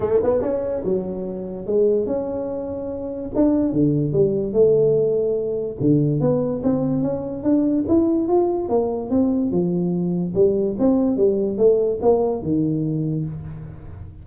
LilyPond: \new Staff \with { instrumentName = "tuba" } { \time 4/4 \tempo 4 = 145 a8 b8 cis'4 fis2 | gis4 cis'2. | d'4 d4 g4 a4~ | a2 d4 b4 |
c'4 cis'4 d'4 e'4 | f'4 ais4 c'4 f4~ | f4 g4 c'4 g4 | a4 ais4 dis2 | }